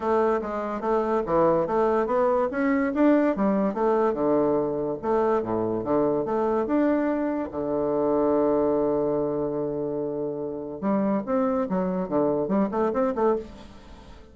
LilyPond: \new Staff \with { instrumentName = "bassoon" } { \time 4/4 \tempo 4 = 144 a4 gis4 a4 e4 | a4 b4 cis'4 d'4 | g4 a4 d2 | a4 a,4 d4 a4 |
d'2 d2~ | d1~ | d2 g4 c'4 | fis4 d4 g8 a8 c'8 a8 | }